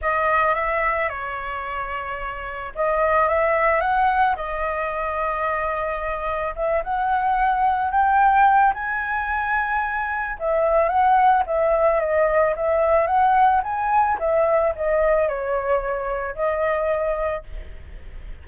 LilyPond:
\new Staff \with { instrumentName = "flute" } { \time 4/4 \tempo 4 = 110 dis''4 e''4 cis''2~ | cis''4 dis''4 e''4 fis''4 | dis''1 | e''8 fis''2 g''4. |
gis''2. e''4 | fis''4 e''4 dis''4 e''4 | fis''4 gis''4 e''4 dis''4 | cis''2 dis''2 | }